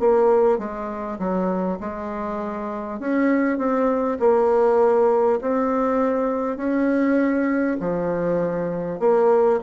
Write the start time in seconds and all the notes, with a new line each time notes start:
0.00 A#3
0.58 G#3
1.19 F#3
1.80 G#3
3.00 C#4
3.58 C4
4.20 A#3
5.41 C4
6.57 C#4
7.80 F3
9.00 A#3